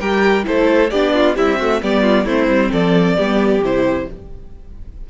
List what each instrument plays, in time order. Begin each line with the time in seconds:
0.00 cello G3, viola G4, violin A#4 G5
0.44 cello A3, viola E4, violin A4 C5
0.90 cello B3, viola D4, violin G4 D5
1.15 violin F4
1.36 viola G3, cello C4, violin E4 E5
1.59 viola A3, violin F#4
1.82 cello G3, viola B3, violin G4 D5
2.02 violin F4
2.25 cello A3, viola C4, violin E4 C5
2.48 cello G3
2.72 cello F3, violin A4 D5
3.17 cello G3, viola B3, violin G4
3.61 cello C3, viola E4, violin C5